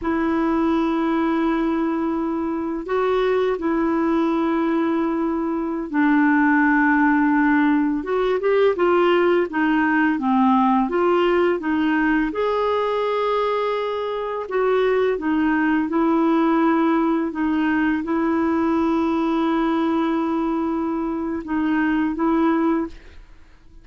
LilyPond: \new Staff \with { instrumentName = "clarinet" } { \time 4/4 \tempo 4 = 84 e'1 | fis'4 e'2.~ | e'16 d'2. fis'8 g'16~ | g'16 f'4 dis'4 c'4 f'8.~ |
f'16 dis'4 gis'2~ gis'8.~ | gis'16 fis'4 dis'4 e'4.~ e'16~ | e'16 dis'4 e'2~ e'8.~ | e'2 dis'4 e'4 | }